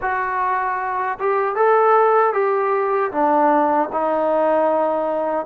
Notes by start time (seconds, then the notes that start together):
0.01 F#4
1.19 G4
1.55 A4
2.33 G4
3.11 D4
3.92 D#4